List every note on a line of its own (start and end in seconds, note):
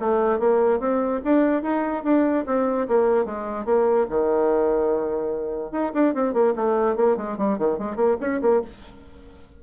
0.00 0.40 A3
0.40 0.80 A#3
0.80 1.21 C4
1.25 1.63 D4
1.63 2.04 D#4
2.04 2.45 D4
2.47 2.88 C4
2.88 3.26 A#3
3.26 3.66 G#3
3.66 4.07 A#3
4.10 5.72 D#3
5.72 5.93 D#4
5.94 6.15 D4
6.15 6.34 C4
6.34 6.55 A#3
6.56 6.97 A3
6.97 7.17 A#3
7.17 7.38 G#3
7.38 7.59 G3
7.59 7.79 D#3
7.79 7.97 G#3
7.97 8.17 A#3
8.21 8.42 C#4
8.42 8.62 A#3